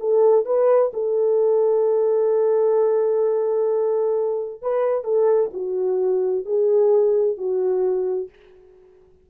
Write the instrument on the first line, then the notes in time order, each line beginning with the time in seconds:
horn
0.00 A4
0.46 B4
0.93 A4
4.62 B4
5.05 A4
5.54 F#4
6.46 G#4
7.37 F#4